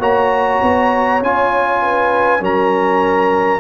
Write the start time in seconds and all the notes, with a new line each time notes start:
0.00 A#3 F#4 C#5 A#5
0.62 B3
1.22 C#4 F4 G#5
1.82 B4
2.40 F#3 C#4 A#4 A#5